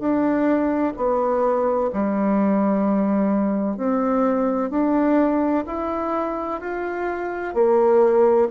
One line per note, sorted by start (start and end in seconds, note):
0.00 0.94 D4
0.97 1.90 B3
1.93 3.77 G3
3.77 4.71 C4
4.71 5.65 D4
5.67 6.61 E4
6.61 7.55 F4
7.55 8.48 A#3